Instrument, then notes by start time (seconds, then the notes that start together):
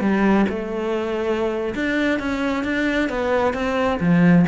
cello
0.00 G3
0.49 A3
1.74 D4
2.19 C#4
2.64 D4
3.09 B3
3.54 C4
4.00 F3